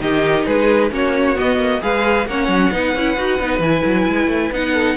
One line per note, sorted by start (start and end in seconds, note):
0.00 0.45 D#3
0.00 0.90 D#4
0.00 0.46 G4
0.00 0.45 D#5
0.45 0.90 G#3
0.45 0.91 G#4
0.45 0.90 B4
0.90 1.36 A#3
0.90 1.35 C#4
0.90 1.82 F#4
0.90 1.38 C#5
1.35 1.80 B3
1.35 1.56 B3
1.35 1.82 D#5
1.56 1.78 A#3
1.80 2.26 G#3
1.80 2.25 G#4
1.80 2.27 B4
1.80 2.27 F5
2.26 2.48 A#3
2.26 2.72 C#4
2.26 2.73 C#5
2.26 3.62 F#5
2.48 2.70 F#3
2.72 2.94 B3
2.72 2.94 D#4
2.72 4.72 B4
2.94 3.17 C#4
2.94 3.17 E4
3.17 3.39 D#4
3.17 3.39 F#4
3.39 3.59 B3
3.39 3.62 D#4
3.59 3.81 E3
3.59 4.53 E4
3.59 4.52 G#5
3.84 4.07 F#3
4.07 4.27 G#3
4.27 4.49 A3
4.51 4.96 B3
4.51 4.96 D#4
4.51 4.96 F#5
4.72 4.95 A4